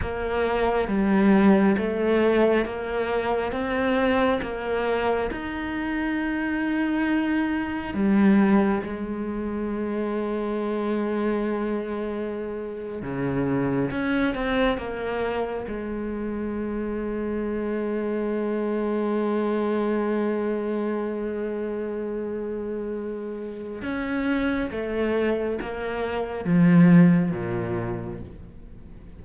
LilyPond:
\new Staff \with { instrumentName = "cello" } { \time 4/4 \tempo 4 = 68 ais4 g4 a4 ais4 | c'4 ais4 dis'2~ | dis'4 g4 gis2~ | gis2~ gis8. cis4 cis'16~ |
cis'16 c'8 ais4 gis2~ gis16~ | gis1~ | gis2. cis'4 | a4 ais4 f4 ais,4 | }